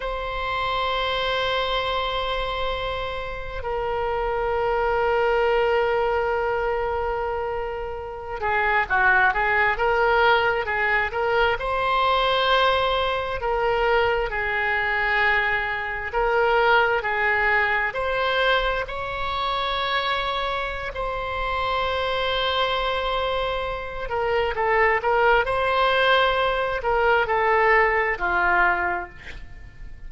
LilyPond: \new Staff \with { instrumentName = "oboe" } { \time 4/4 \tempo 4 = 66 c''1 | ais'1~ | ais'4~ ais'16 gis'8 fis'8 gis'8 ais'4 gis'16~ | gis'16 ais'8 c''2 ais'4 gis'16~ |
gis'4.~ gis'16 ais'4 gis'4 c''16~ | c''8. cis''2~ cis''16 c''4~ | c''2~ c''8 ais'8 a'8 ais'8 | c''4. ais'8 a'4 f'4 | }